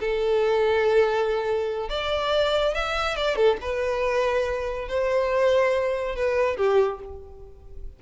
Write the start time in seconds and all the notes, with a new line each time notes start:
0.00 A4
1.89 D5
2.74 E5
3.16 D5
3.36 A4
3.61 B4
4.88 C5
6.16 B4
6.57 G4